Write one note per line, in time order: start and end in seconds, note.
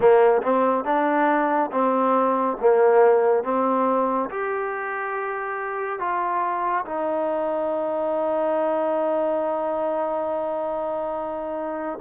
0.00 0.42 A#3
0.42 0.84 C4
0.84 1.70 D4
1.71 2.57 C4
2.60 3.43 A#3
3.43 4.29 C4
4.29 5.99 G4
5.99 6.85 F4
6.85 11.99 D#4